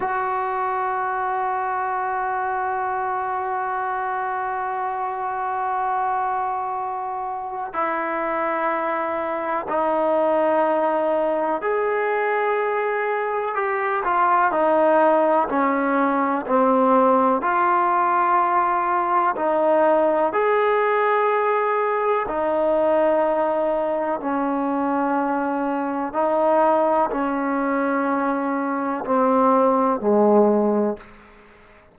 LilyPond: \new Staff \with { instrumentName = "trombone" } { \time 4/4 \tempo 4 = 62 fis'1~ | fis'1 | e'2 dis'2 | gis'2 g'8 f'8 dis'4 |
cis'4 c'4 f'2 | dis'4 gis'2 dis'4~ | dis'4 cis'2 dis'4 | cis'2 c'4 gis4 | }